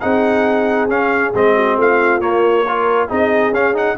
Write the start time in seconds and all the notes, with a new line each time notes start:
0.00 C4 D#4 G#4 F#5
0.89 C#4 F5
1.34 G#3 C4 D#5
1.55 F#4
1.77 A3 F4 F5
2.20 A#3 C#5
2.66 F4 A#4
3.08 C4 D#4 G#4 D#5
3.51 C#4 F5
3.74 D#4 F#5